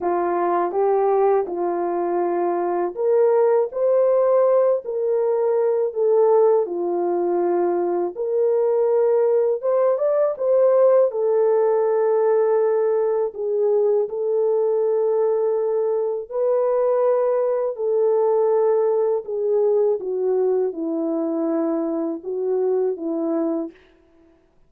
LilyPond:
\new Staff \with { instrumentName = "horn" } { \time 4/4 \tempo 4 = 81 f'4 g'4 f'2 | ais'4 c''4. ais'4. | a'4 f'2 ais'4~ | ais'4 c''8 d''8 c''4 a'4~ |
a'2 gis'4 a'4~ | a'2 b'2 | a'2 gis'4 fis'4 | e'2 fis'4 e'4 | }